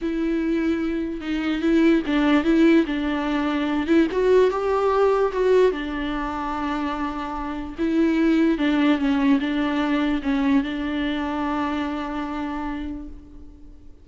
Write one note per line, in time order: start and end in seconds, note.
0.01 1.20 E4
1.20 1.61 D#4
1.61 2.02 E4
2.06 2.44 D4
2.44 2.85 E4
2.86 3.86 D4
3.86 4.07 E4
4.11 4.50 F#4
4.50 5.32 G4
5.32 5.71 F#4
5.71 7.75 D4
7.78 8.58 E4
8.58 8.98 D4
8.98 9.39 C#4
9.40 10.21 D4
10.22 10.63 C#4
10.63 13.08 D4